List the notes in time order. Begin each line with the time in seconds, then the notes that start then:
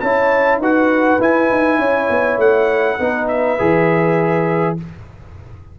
0.00 C#4 E4 C#5 A5
0.58 D#4 F#4 B4 F#5
1.20 E4 G#5
1.50 D#4
1.79 C#4 C#5
2.10 B3
2.38 A3 F#5
3.00 B3 D#4 B4
3.28 E5
3.59 E3 G#4